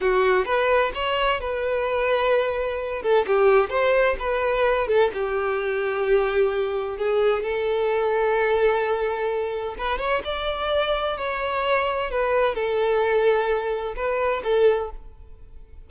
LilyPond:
\new Staff \with { instrumentName = "violin" } { \time 4/4 \tempo 4 = 129 fis'4 b'4 cis''4 b'4~ | b'2~ b'8 a'8 g'4 | c''4 b'4. a'8 g'4~ | g'2. gis'4 |
a'1~ | a'4 b'8 cis''8 d''2 | cis''2 b'4 a'4~ | a'2 b'4 a'4 | }